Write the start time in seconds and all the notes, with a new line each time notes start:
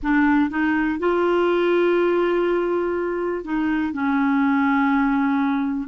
0.02 D4
0.49 D#4
0.99 F4
3.44 D#4
3.93 C#4